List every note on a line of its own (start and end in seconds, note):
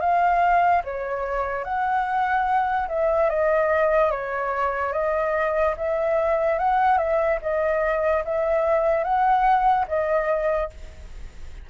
0.00 0.82 F5
0.84 1.64 C#5
1.64 2.87 F#5
2.88 3.29 E5
3.29 4.11 D#5
4.11 4.92 C#5
4.92 5.75 D#5
5.76 6.58 E5
6.58 6.98 F#5
6.98 7.39 E5
7.42 8.24 D#5
8.24 9.03 E5
9.03 9.86 F#5
9.87 10.70 D#5